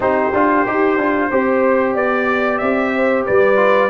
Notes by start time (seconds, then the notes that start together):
0.00 C4 D#4 G4 C5
0.33 D4 F4
0.66 D#4 G4
0.96 D4 F4
1.30 C4 G4 C5
1.93 B3 D5
2.58 C4 E5
2.95 C5
3.26 G3 B4 D5
3.56 F4